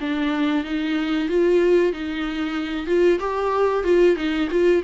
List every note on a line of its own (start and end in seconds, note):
0.00 0.64 D4
0.64 1.28 D#4
1.28 1.92 F4
1.92 2.87 D#4
2.87 3.19 F4
3.19 3.84 G4
3.84 4.16 F4
4.16 4.48 D#4
4.50 4.82 F4